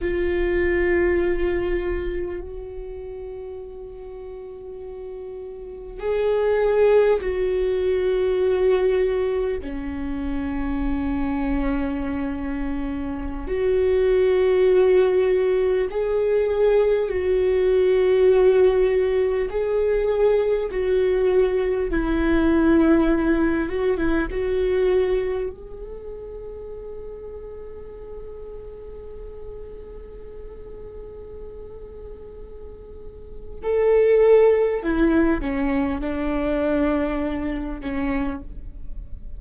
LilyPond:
\new Staff \with { instrumentName = "viola" } { \time 4/4 \tempo 4 = 50 f'2 fis'2~ | fis'4 gis'4 fis'2 | cis'2.~ cis'16 fis'8.~ | fis'4~ fis'16 gis'4 fis'4.~ fis'16~ |
fis'16 gis'4 fis'4 e'4. fis'16 | e'16 fis'4 gis'2~ gis'8.~ | gis'1 | a'4 e'8 cis'8 d'4. cis'8 | }